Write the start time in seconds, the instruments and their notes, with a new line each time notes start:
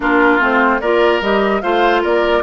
0.00 bassoon A#3, clarinet D4, oboe F4, flute A#4
0.39 bassoon A3, clarinet C4, flute C5
0.80 bassoon A#3, clarinet F4, oboe A#4, flute D5
1.21 bassoon G3, clarinet G4, flute D#5
1.61 bassoon A3, clarinet F4, oboe C5, flute F5
2.02 bassoon A#3, oboe A#4, flute D5